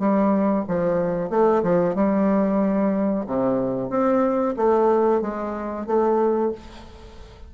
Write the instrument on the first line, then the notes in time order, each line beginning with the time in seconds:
bassoon
0.00 G3
0.68 F3
1.30 A3
1.63 F3
1.95 G3
3.27 C3
3.90 C4
4.57 A3
5.22 G#3
5.87 A3